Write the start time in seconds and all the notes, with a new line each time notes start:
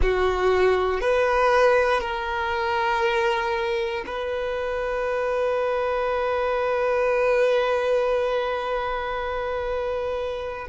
0.02 F#4
1.00 B4
2.01 A#4
4.06 B4